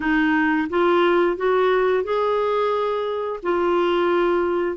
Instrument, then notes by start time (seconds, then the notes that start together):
clarinet
0.00 D#4
0.69 F4
1.36 F#4
2.03 G#4
3.42 F4